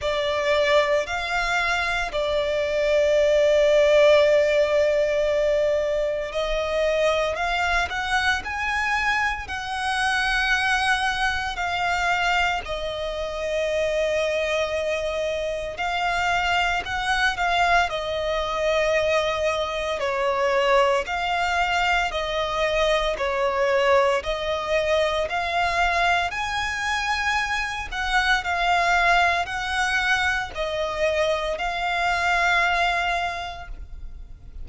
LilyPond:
\new Staff \with { instrumentName = "violin" } { \time 4/4 \tempo 4 = 57 d''4 f''4 d''2~ | d''2 dis''4 f''8 fis''8 | gis''4 fis''2 f''4 | dis''2. f''4 |
fis''8 f''8 dis''2 cis''4 | f''4 dis''4 cis''4 dis''4 | f''4 gis''4. fis''8 f''4 | fis''4 dis''4 f''2 | }